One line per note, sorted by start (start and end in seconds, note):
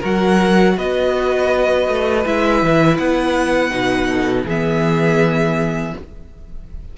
0.00 0.77 F#3
0.00 2.24 F#4
0.00 0.74 A#4
0.00 0.78 F#5
0.77 1.88 B3
0.77 4.08 B4
0.77 2.26 D#5
1.88 2.25 A3
2.25 2.62 G#3
2.25 3.71 E4
2.25 2.97 E5
2.62 2.98 E3
2.97 3.71 B3
2.97 4.45 F#5
3.71 4.45 B2
3.71 4.45 D#4
4.08 4.45 A4
4.45 5.93 E3
4.45 5.98 B3
4.45 5.93 G#4
4.45 5.97 E5